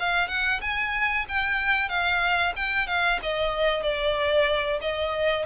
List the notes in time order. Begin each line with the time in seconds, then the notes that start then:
0.00 F5
0.28 F#5
0.61 G#5
1.29 G5
1.89 F5
2.56 G5
2.88 F5
3.23 D#5
3.83 D5
4.82 D#5